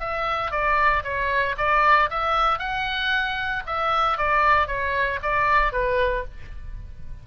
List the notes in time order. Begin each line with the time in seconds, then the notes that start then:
0.00 E5
0.51 D5
1.03 C#5
1.57 D5
2.10 E5
2.59 F#5
3.66 E5
4.17 D5
4.67 C#5
5.22 D5
5.72 B4